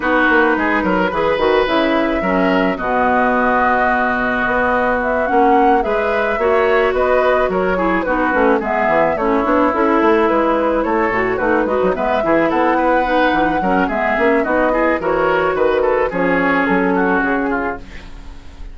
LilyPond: <<
  \new Staff \with { instrumentName = "flute" } { \time 4/4 \tempo 4 = 108 b'2. e''4~ | e''4 dis''2.~ | dis''4 e''8 fis''4 e''4.~ | e''8 dis''4 cis''4 b'4 e''8~ |
e''8 cis''4 a'4 b'4 cis''8~ | cis''8 b'4 e''4 fis''4.~ | fis''4 e''4 dis''4 cis''4 | b'4 cis''4 a'4 gis'4 | }
  \new Staff \with { instrumentName = "oboe" } { \time 4/4 fis'4 gis'8 ais'8 b'2 | ais'4 fis'2.~ | fis'2~ fis'8 b'4 cis''8~ | cis''8 b'4 ais'8 gis'8 fis'4 gis'8~ |
gis'8 e'2. a'8~ | a'8 fis'8 dis'8 b'8 gis'8 a'8 b'4~ | b'8 ais'8 gis'4 fis'8 gis'8 ais'4 | b'8 a'8 gis'4. fis'4 f'8 | }
  \new Staff \with { instrumentName = "clarinet" } { \time 4/4 dis'2 gis'8 fis'8 e'4 | cis'4 b2.~ | b4. cis'4 gis'4 fis'8~ | fis'2 e'8 dis'8 cis'8 b8~ |
b8 cis'8 d'8 e'2~ e'8 | fis'8 dis'8 fis'8 b8 e'4. dis'8~ | dis'8 cis'8 b8 cis'8 dis'8 e'8 fis'4~ | fis'4 cis'2. | }
  \new Staff \with { instrumentName = "bassoon" } { \time 4/4 b8 ais8 gis8 fis8 e8 dis8 cis4 | fis4 b,2. | b4. ais4 gis4 ais8~ | ais8 b4 fis4 b8 a8 gis8 |
e8 a8 b8 cis'8 a8 gis4 a8 | a,8 a8 gis16 fis16 gis8 e8 b4. | e8 fis8 gis8 ais8 b4 e4 | dis4 f4 fis4 cis4 | }
>>